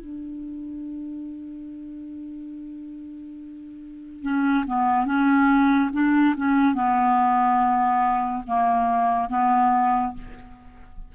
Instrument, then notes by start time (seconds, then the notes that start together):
clarinet
0.00 D4
4.22 C#4
4.67 B3
5.06 C#4
5.93 D4
6.36 C#4
6.74 B3
8.47 A#3
9.29 B3